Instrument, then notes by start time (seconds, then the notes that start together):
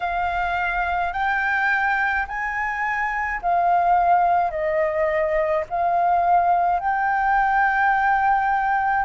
flute
0.00 F5
1.13 G5
2.27 G#5
3.42 F5
4.50 D#5
5.69 F5
6.79 G5